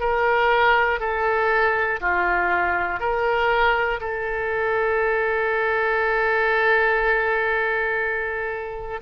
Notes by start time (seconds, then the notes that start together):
0.00 A#4
1.00 A4
2.00 F4
3.00 A#4
4.00 A4